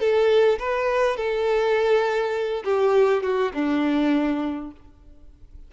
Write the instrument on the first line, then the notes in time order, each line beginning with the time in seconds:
violin
0.00 A4
0.59 B4
1.17 A4
2.64 G4
3.23 F#4
3.54 D4